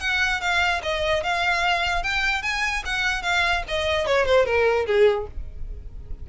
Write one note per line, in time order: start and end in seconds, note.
0.00 0.41 F#5
0.41 0.81 F5
0.83 1.23 D#5
1.23 2.03 F5
2.03 2.43 G5
2.43 2.83 G#5
2.85 3.22 F#5
3.22 3.63 F5
3.68 4.06 D#5
4.06 4.25 C#5
4.25 4.45 C5
4.45 4.86 A#4
4.86 5.27 G#4